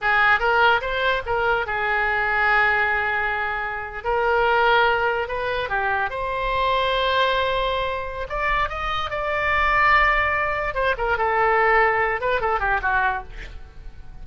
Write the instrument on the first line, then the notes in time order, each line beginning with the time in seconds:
oboe
0.01 G#4
0.39 A#4
0.81 C5
1.26 A#4
1.66 G#4
4.04 A#4
5.27 B4
5.69 G4
6.10 C5
8.29 D5
8.69 D#5
9.10 D5
10.74 C5
10.97 A#4
11.17 A4
12.20 B4
12.40 A4
12.59 G4
12.82 F#4